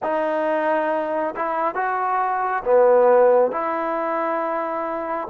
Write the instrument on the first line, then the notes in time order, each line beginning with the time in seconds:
trombone
0.02 D#4
1.36 E4
1.74 F#4
2.64 B3
3.51 E4